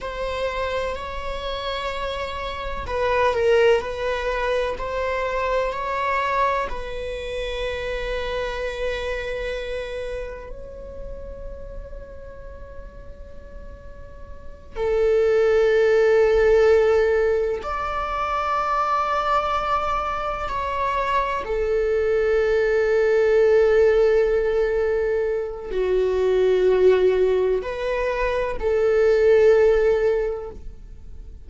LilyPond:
\new Staff \with { instrumentName = "viola" } { \time 4/4 \tempo 4 = 63 c''4 cis''2 b'8 ais'8 | b'4 c''4 cis''4 b'4~ | b'2. cis''4~ | cis''2.~ cis''8 a'8~ |
a'2~ a'8 d''4.~ | d''4. cis''4 a'4.~ | a'2. fis'4~ | fis'4 b'4 a'2 | }